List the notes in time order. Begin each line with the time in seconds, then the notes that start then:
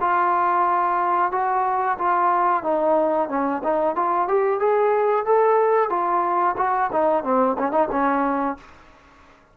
0.00 F4
1.31 F#4
1.98 F4
2.63 D#4
3.28 C#4
3.63 D#4
3.95 F4
4.28 G4
4.59 G#4
5.25 A4
5.89 F4
6.57 F#4
6.92 D#4
7.23 C4
7.58 C#4
7.71 D#4
7.91 C#4